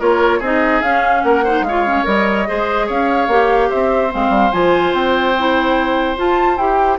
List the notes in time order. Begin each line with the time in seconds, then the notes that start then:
0.00 A#3 F4 A#4 C#5
0.39 C4 D#4 G#4 D#5
0.82 C#4 F5
1.23 A#3 A#4 F#5
1.44 D#4 C5
1.61 G#3 F5
1.68 F4 C#5
1.87 C#4
2.05 G3 A#4 D#5
2.47 G#3 G#4 C5
2.87 C#4 C#5 F5
3.28 A#3 G4
3.70 C4 C5 E5
4.10 G#3 C4 F5
4.30 G3
4.52 F3 F4 G#5
4.94 C4 G5
5.39 E4
6.17 F4 A5
6.57 E4 G4 G5